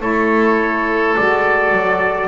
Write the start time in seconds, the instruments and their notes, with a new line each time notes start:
0.00 double bass A3, saxophone E4, oboe A4, trumpet C#5
1.16 double bass G#3, saxophone F#4, trumpet D5
1.72 double bass F#3